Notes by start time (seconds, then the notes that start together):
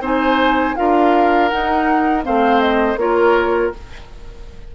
0.00 C4 D#4 C5 G#5
0.76 D4 F4 A#4 F5
1.48 D#4 F#5
2.23 A3 C4 C5 F5
2.61 D#5
2.96 A#3 F4 A#4 C#5